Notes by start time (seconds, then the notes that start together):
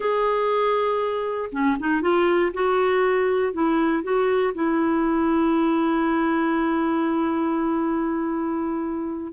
0.00 G#4
1.52 C#4
1.79 D#4
2.01 F4
2.53 F#4
3.53 E4
4.03 F#4
4.54 E4